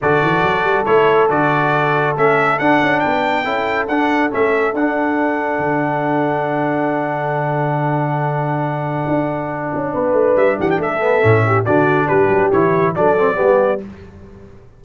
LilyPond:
<<
  \new Staff \with { instrumentName = "trumpet" } { \time 4/4 \tempo 4 = 139 d''2 cis''4 d''4~ | d''4 e''4 fis''4 g''4~ | g''4 fis''4 e''4 fis''4~ | fis''1~ |
fis''1~ | fis''1 | e''8 fis''16 g''16 e''2 d''4 | b'4 cis''4 d''2 | }
  \new Staff \with { instrumentName = "horn" } { \time 4/4 a'1~ | a'2. b'4 | a'1~ | a'1~ |
a'1~ | a'2. b'4~ | b'8 g'8 a'4. g'8 fis'4 | g'2 a'4 g'4 | }
  \new Staff \with { instrumentName = "trombone" } { \time 4/4 fis'2 e'4 fis'4~ | fis'4 cis'4 d'2 | e'4 d'4 cis'4 d'4~ | d'1~ |
d'1~ | d'1~ | d'4. b8 cis'4 d'4~ | d'4 e'4 d'8 c'8 b4 | }
  \new Staff \with { instrumentName = "tuba" } { \time 4/4 d8 e8 fis8 g8 a4 d4~ | d4 a4 d'8 cis'8 b4 | cis'4 d'4 a4 d'4~ | d'4 d2.~ |
d1~ | d4 d'4. cis'8 b8 a8 | g8 e8 a4 a,4 d4 | g8 fis8 e4 fis4 g4 | }
>>